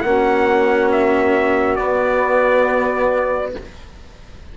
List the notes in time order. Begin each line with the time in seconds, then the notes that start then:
0.00 A#3 F#4 F#5
0.06 C#4
0.92 E5
1.76 B3 D5